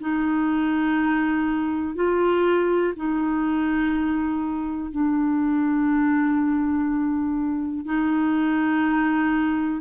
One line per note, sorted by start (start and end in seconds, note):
0.00 1.95 D#4
1.95 2.94 F4
2.96 4.91 D#4
4.91 7.86 D4
7.86 9.81 D#4